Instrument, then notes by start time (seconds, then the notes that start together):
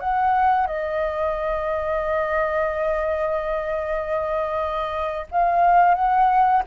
flute
0.00 F#5
0.66 D#5
5.31 F5
5.94 F#5